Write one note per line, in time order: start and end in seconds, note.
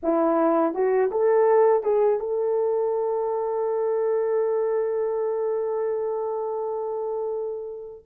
0.02 0.74 E4
0.74 1.10 F#4
1.11 1.83 A4
1.83 2.19 G#4
2.19 8.05 A4